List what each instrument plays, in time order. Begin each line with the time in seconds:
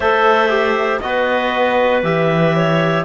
0.00 cello A3, trombone A4, clarinet C5 E5
0.49 trombone G4
1.00 cello B3, trombone F#4, clarinet B4 D#5
2.02 cello E3, trombone G4, clarinet E5
2.56 clarinet C#5